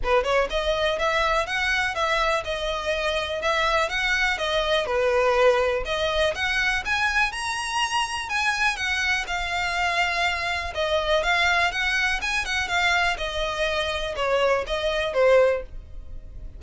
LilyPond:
\new Staff \with { instrumentName = "violin" } { \time 4/4 \tempo 4 = 123 b'8 cis''8 dis''4 e''4 fis''4 | e''4 dis''2 e''4 | fis''4 dis''4 b'2 | dis''4 fis''4 gis''4 ais''4~ |
ais''4 gis''4 fis''4 f''4~ | f''2 dis''4 f''4 | fis''4 gis''8 fis''8 f''4 dis''4~ | dis''4 cis''4 dis''4 c''4 | }